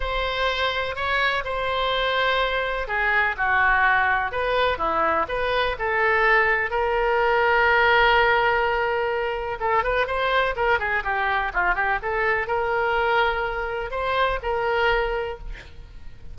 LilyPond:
\new Staff \with { instrumentName = "oboe" } { \time 4/4 \tempo 4 = 125 c''2 cis''4 c''4~ | c''2 gis'4 fis'4~ | fis'4 b'4 e'4 b'4 | a'2 ais'2~ |
ais'1 | a'8 b'8 c''4 ais'8 gis'8 g'4 | f'8 g'8 a'4 ais'2~ | ais'4 c''4 ais'2 | }